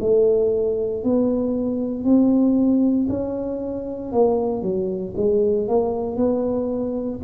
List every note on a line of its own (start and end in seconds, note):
0.00 1.03 A3
1.03 2.04 B3
2.04 3.08 C4
3.09 4.12 C#4
4.12 4.62 A#3
4.62 5.13 F#3
5.16 5.68 G#3
5.68 6.16 A#3
6.16 7.20 B3